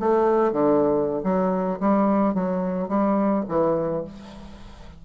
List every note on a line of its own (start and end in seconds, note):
0.00 0.53 A3
0.53 1.23 D3
1.24 1.80 F#3
1.80 2.34 G3
2.34 2.89 F#3
2.89 3.45 G3
3.49 4.05 E3